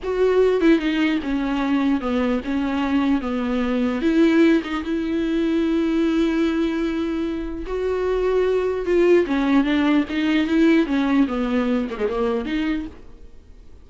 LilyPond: \new Staff \with { instrumentName = "viola" } { \time 4/4 \tempo 4 = 149 fis'4. e'8 dis'4 cis'4~ | cis'4 b4 cis'2 | b2 e'4. dis'8 | e'1~ |
e'2. fis'4~ | fis'2 f'4 cis'4 | d'4 dis'4 e'4 cis'4 | b4. ais16 gis16 ais4 dis'4 | }